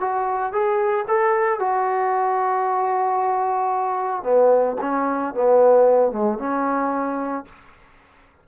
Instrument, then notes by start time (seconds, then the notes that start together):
trombone
0.00 F#4
0.52 G#4
1.07 A4
1.59 F#4
4.23 B3
4.81 C#4
5.34 B3
6.12 G#3
6.39 C#4